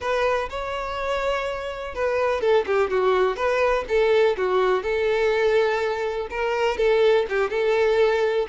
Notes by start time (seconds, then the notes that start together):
0.00 B4
0.49 C#5
1.94 B4
2.41 A4
2.66 G4
2.90 F#4
3.36 B4
3.88 A4
4.37 F#4
4.83 A4
6.30 A#4
6.77 A4
7.29 G4
7.50 A4